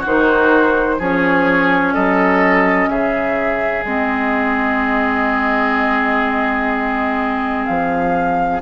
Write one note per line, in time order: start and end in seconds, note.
0.00 0.99 D#3
0.00 0.99 D#4
0.00 0.95 F#4
0.00 1.01 C5
0.99 1.94 F3
0.99 3.85 C#4
0.99 1.94 G#4
0.99 1.94 C#5
1.94 2.88 F#3
1.94 2.89 A4
1.94 2.88 D#5
2.88 3.84 C#3
2.88 8.61 G#4
2.88 3.84 E5
3.84 7.65 G#3
3.84 8.61 C4
3.84 7.65 D#5
7.65 8.61 F3
7.65 8.60 F5